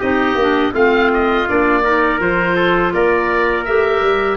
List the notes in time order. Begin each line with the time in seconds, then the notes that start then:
0.00 C4 D#4 G4 D#5
0.35 A#3 D4
0.73 A3 C4 F4 F5
1.14 D#5
1.47 A#3 D4 D5
1.84 D#4 A#4
2.20 F3 F4 C5
2.56 A4
2.94 A#3 A#4 D5
3.65 A3 G4 E5
4.02 G3